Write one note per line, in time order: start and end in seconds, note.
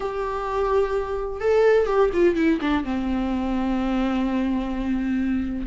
0.00 1.40 G4
1.40 1.86 A4
1.86 2.09 G4
2.13 2.35 F4
2.35 2.59 E4
2.61 2.84 D4
2.84 5.66 C4